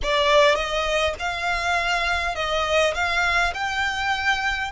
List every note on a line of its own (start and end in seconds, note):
0.02 0.55 D5
0.55 1.14 D#5
1.19 2.35 F5
2.35 2.94 D#5
2.94 3.53 F5
3.54 4.71 G5